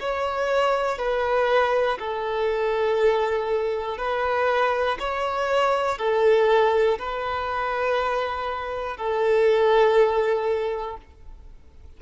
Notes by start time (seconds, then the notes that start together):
0.00 C#5
0.99 B4
1.99 A4
3.98 B4
5.00 C#5
5.98 A4
6.99 B4
8.97 A4